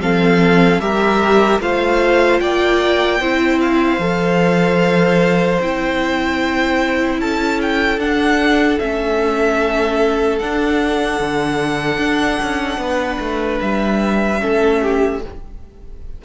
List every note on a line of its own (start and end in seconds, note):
0.00 0.79 F3
0.00 0.80 C4
0.00 0.82 A4
0.00 0.80 F5
0.79 1.59 G3
0.79 1.60 G4
0.79 1.62 A#4
0.79 1.60 E5
1.60 2.40 A3
1.60 3.21 F4
1.60 2.41 C5
1.60 2.39 F5
2.39 3.20 A#3
2.39 3.20 D5
2.39 3.59 G5
3.20 3.98 C4
3.20 4.00 E4
3.20 7.20 C5
3.60 5.60 F5
3.98 5.58 F3
3.98 5.60 A4
5.60 7.18 C4
5.60 7.99 E4
5.60 7.20 G5
7.18 7.98 C#4
7.18 12.80 A4
7.18 7.60 A5
7.61 7.99 G5
7.98 8.78 D4
7.98 8.79 D4
7.98 8.79 F#5
8.79 10.40 A3
8.79 10.40 C#4
8.79 10.38 E5
10.38 11.20 D4
10.38 14.39 D4
10.38 13.58 F#5
11.20 11.98 D3
11.98 12.38 D4
12.42 12.78 C#4
12.78 13.18 B3
12.78 14.41 B4
13.19 13.59 A3
13.61 14.41 G3
13.61 15.21 E5
14.39 15.24 A3
14.39 15.19 C#4
14.39 14.81 A4
14.82 15.22 G4